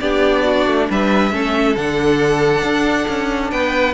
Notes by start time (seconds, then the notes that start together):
0.00 B3 D4 G4 D5
0.45 F#4
0.67 A3
0.90 G3 B4 E5
1.32 A3 C#4 A4
1.76 D3 D4 F#5
2.62 D4
3.08 C#4
3.51 B3 B4 G5